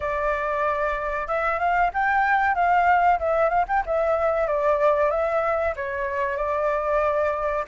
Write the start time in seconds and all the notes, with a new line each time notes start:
0.00 D5
1.27 E5
1.59 F5
1.93 G5
2.54 F5
3.19 E5
3.49 F5
3.67 G5
3.86 E5
4.47 D5
5.10 E5
5.76 C#5
6.37 D5